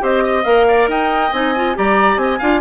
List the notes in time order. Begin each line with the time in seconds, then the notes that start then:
0.00 C4 G4 C5 D#5
0.24 D#5
0.44 A#3 A#4 F5
0.68 D5
0.88 D#4 D#5 G5
1.33 C4 D#4 G#5
1.55 F4
1.75 G3 G4 D5 A#5
2.17 C4 D#5 G#5
2.39 D4 F4 F5